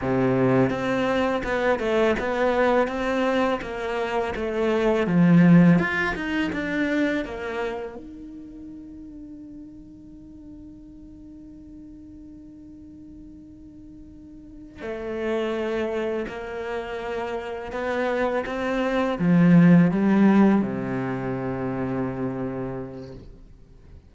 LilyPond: \new Staff \with { instrumentName = "cello" } { \time 4/4 \tempo 4 = 83 c4 c'4 b8 a8 b4 | c'4 ais4 a4 f4 | f'8 dis'8 d'4 ais4 dis'4~ | dis'1~ |
dis'1~ | dis'8 a2 ais4.~ | ais8 b4 c'4 f4 g8~ | g8 c2.~ c8 | }